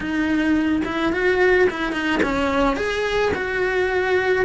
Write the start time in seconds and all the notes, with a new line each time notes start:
0.00 D#4
0.84 E4
1.12 F#4
1.70 E4
1.92 D#4
2.22 C#4
2.76 G#4
3.34 F#4